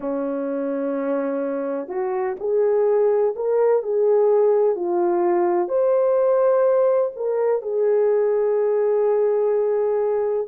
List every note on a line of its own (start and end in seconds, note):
0.00 1.87 C#4
1.87 2.35 F#4
2.39 3.35 G#4
3.35 3.83 A#4
3.83 4.75 G#4
4.75 5.68 F4
5.68 7.11 C5
7.16 7.62 A#4
7.62 10.48 G#4